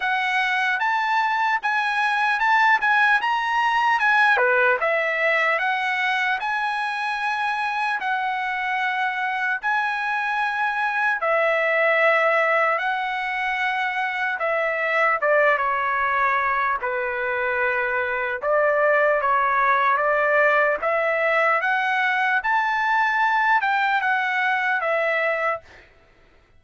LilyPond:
\new Staff \with { instrumentName = "trumpet" } { \time 4/4 \tempo 4 = 75 fis''4 a''4 gis''4 a''8 gis''8 | ais''4 gis''8 b'8 e''4 fis''4 | gis''2 fis''2 | gis''2 e''2 |
fis''2 e''4 d''8 cis''8~ | cis''4 b'2 d''4 | cis''4 d''4 e''4 fis''4 | a''4. g''8 fis''4 e''4 | }